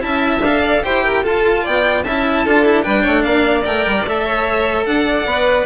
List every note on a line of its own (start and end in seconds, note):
0.00 0.39 C#4
0.00 0.40 E4
0.00 0.61 E5
0.00 0.42 A5
0.39 0.79 D4
0.39 0.83 A4
0.39 0.85 F5
0.61 0.81 D5
0.83 1.25 E4
0.83 1.23 G4
0.83 1.04 C5
0.83 1.25 G5
1.04 1.23 A#4
1.23 2.04 F4
1.23 1.66 F4
1.23 1.63 A4
1.23 1.65 A5
1.63 2.05 B3
1.63 2.03 D5
1.63 2.03 G5
2.03 2.45 C#4
2.03 2.46 E4
2.03 2.44 E5
2.03 2.82 A5
2.44 2.86 D4
2.44 2.65 F4
2.44 2.84 A4
2.65 2.82 E4
2.82 3.06 G3
2.82 3.63 D4
2.82 3.02 B4
2.82 3.22 G5
3.02 3.25 A3
3.02 3.22 C#5
3.22 3.65 A#3
3.22 4.24 D5
3.22 3.62 F5
3.64 3.86 A3
3.64 4.04 A#4
3.64 4.05 G5
3.86 4.05 G3
4.05 4.85 A3
4.05 5.27 A4
4.05 4.85 E5
4.24 4.84 C#5
4.85 5.25 D4
4.85 5.66 D5
4.85 5.66 F#5
5.25 5.65 B3
5.25 5.66 B4